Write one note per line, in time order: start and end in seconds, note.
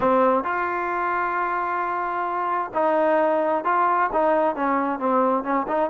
0.00 0.43 C4
0.43 2.71 F4
2.74 3.64 D#4
3.64 4.10 F4
4.12 4.55 D#4
4.55 4.99 C#4
4.99 5.43 C4
5.43 5.66 C#4
5.68 5.90 D#4